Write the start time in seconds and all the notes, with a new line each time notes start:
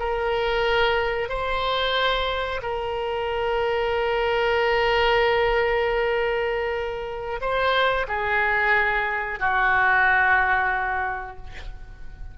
0.00 A#4
1.29 C5
2.62 A#4
7.41 C5
8.08 G#4
9.40 F#4